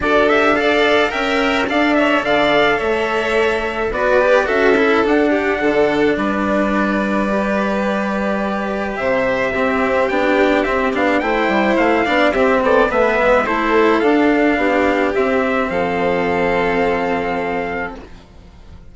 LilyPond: <<
  \new Staff \with { instrumentName = "trumpet" } { \time 4/4 \tempo 4 = 107 d''8 e''8 f''4 g''4 f''8 e''8 | f''4 e''2 d''4 | e''4 fis''2 d''4~ | d''1 |
e''2 g''4 e''8 f''8 | g''4 f''4 e''8 d''8 e''4 | c''4 f''2 e''4 | f''1 | }
  \new Staff \with { instrumentName = "violin" } { \time 4/4 a'4 d''4 e''4 d''8 cis''8 | d''4 cis''2 b'4 | a'4. g'8 a'4 b'4~ | b'1 |
c''4 g'2. | c''4. d''8 g'8 a'8 b'4 | a'2 g'2 | a'1 | }
  \new Staff \with { instrumentName = "cello" } { \time 4/4 fis'8 g'8 a'4 ais'4 a'4~ | a'2. fis'8 g'8 | fis'8 e'8 d'2.~ | d'4 g'2.~ |
g'4 c'4 d'4 c'8 d'8 | e'4. d'8 c'4 b4 | e'4 d'2 c'4~ | c'1 | }
  \new Staff \with { instrumentName = "bassoon" } { \time 4/4 d'2 cis'4 d'4 | d4 a2 b4 | cis'4 d'4 d4 g4~ | g1 |
c4 c'4 b4 c'8 b8 | a8 g8 a8 b8 c'8 b8 a8 gis8 | a4 d'4 b4 c'4 | f1 | }
>>